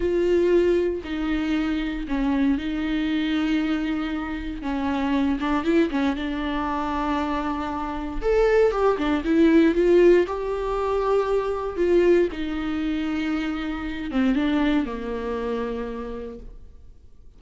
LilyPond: \new Staff \with { instrumentName = "viola" } { \time 4/4 \tempo 4 = 117 f'2 dis'2 | cis'4 dis'2.~ | dis'4 cis'4. d'8 e'8 cis'8 | d'1 |
a'4 g'8 d'8 e'4 f'4 | g'2. f'4 | dis'2.~ dis'8 c'8 | d'4 ais2. | }